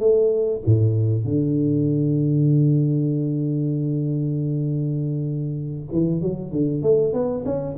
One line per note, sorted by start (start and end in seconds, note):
0.00 0.62 A3
0.66 1.25 A2
1.25 5.89 D3
5.92 6.21 E3
6.21 6.52 F#3
6.52 6.83 D3
6.83 7.14 A3
7.14 7.45 B3
7.45 7.76 C#4